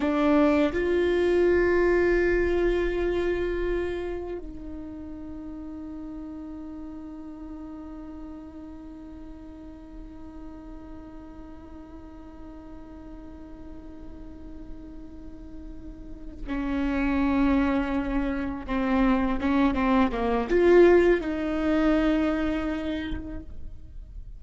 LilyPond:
\new Staff \with { instrumentName = "viola" } { \time 4/4 \tempo 4 = 82 d'4 f'2.~ | f'2 dis'2~ | dis'1~ | dis'1~ |
dis'1~ | dis'2~ dis'8 cis'4.~ | cis'4. c'4 cis'8 c'8 ais8 | f'4 dis'2. | }